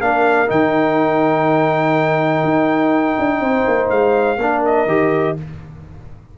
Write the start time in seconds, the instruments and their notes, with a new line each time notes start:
0.00 tuba A#3, trombone D4, horn A#4, trumpet F5
0.47 tuba D#3, trombone D#4, trumpet G5
2.43 tuba D#4
3.19 tuba D4
3.40 tuba C4, horn C5
3.68 tuba A#3
3.89 tuba G#3, trumpet F5
4.37 tuba A#3, trombone D4, horn A#4
4.65 trumpet D#5
4.86 tuba D#3, trombone G4